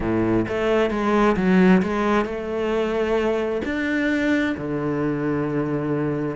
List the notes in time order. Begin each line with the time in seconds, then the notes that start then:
0.00 A2
0.48 A3
0.90 G#3
1.36 F#3
1.82 G#3
2.25 A3
3.64 D4
4.57 D3